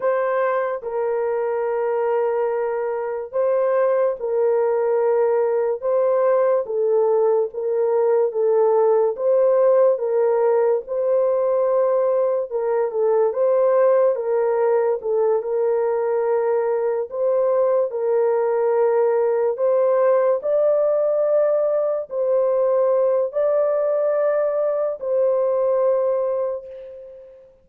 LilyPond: \new Staff \with { instrumentName = "horn" } { \time 4/4 \tempo 4 = 72 c''4 ais'2. | c''4 ais'2 c''4 | a'4 ais'4 a'4 c''4 | ais'4 c''2 ais'8 a'8 |
c''4 ais'4 a'8 ais'4.~ | ais'8 c''4 ais'2 c''8~ | c''8 d''2 c''4. | d''2 c''2 | }